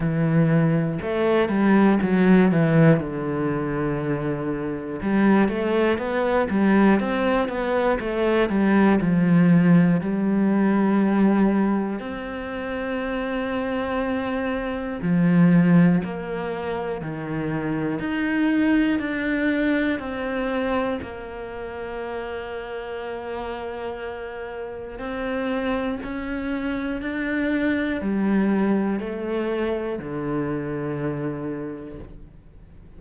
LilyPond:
\new Staff \with { instrumentName = "cello" } { \time 4/4 \tempo 4 = 60 e4 a8 g8 fis8 e8 d4~ | d4 g8 a8 b8 g8 c'8 b8 | a8 g8 f4 g2 | c'2. f4 |
ais4 dis4 dis'4 d'4 | c'4 ais2.~ | ais4 c'4 cis'4 d'4 | g4 a4 d2 | }